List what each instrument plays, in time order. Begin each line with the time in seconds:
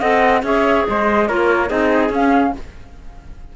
0.00 cello C4, clarinet A4, trumpet D#5, flute F#5
0.43 cello C#4, clarinet G#4, trumpet C#5, flute E5
0.88 cello G#3, trumpet C5, flute D#5
1.28 cello A#3, clarinet F4, trumpet A#4, flute C#5
1.69 cello C4, clarinet D#4, trumpet G#4, flute D#5
2.10 cello C#4, clarinet C#4, flute F5